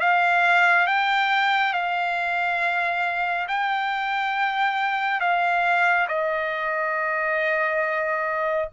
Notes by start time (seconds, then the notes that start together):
0.00 F5
0.87 G5
1.73 F5
3.48 G5
5.20 F5
6.08 D#5